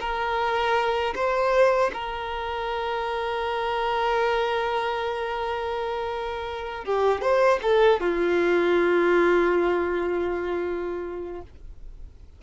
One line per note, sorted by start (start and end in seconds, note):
0.00 1.14 A#4
1.15 1.91 C5
1.93 6.84 A#4
6.84 7.21 G4
7.21 7.59 C5
7.62 8.00 A4
8.00 11.42 F4